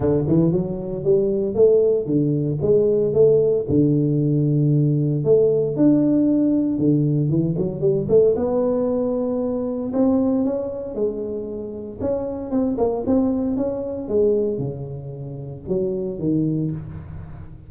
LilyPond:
\new Staff \with { instrumentName = "tuba" } { \time 4/4 \tempo 4 = 115 d8 e8 fis4 g4 a4 | d4 gis4 a4 d4~ | d2 a4 d'4~ | d'4 d4 e8 fis8 g8 a8 |
b2. c'4 | cis'4 gis2 cis'4 | c'8 ais8 c'4 cis'4 gis4 | cis2 fis4 dis4 | }